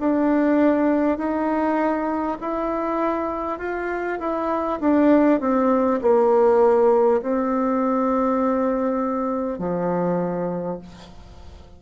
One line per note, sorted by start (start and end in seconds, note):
0.00 1.18 D4
1.18 2.38 D#4
2.41 3.59 E4
3.59 4.19 F4
4.19 4.79 E4
4.80 5.40 D4
5.41 6.01 C4
6.02 7.22 A#3
7.22 9.59 C4
9.59 10.79 F3